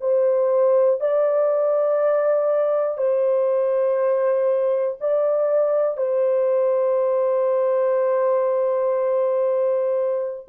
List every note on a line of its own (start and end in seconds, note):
0.00 1.00 C5
1.00 2.98 D5
2.98 4.98 C5
5.00 5.97 D5
5.97 10.47 C5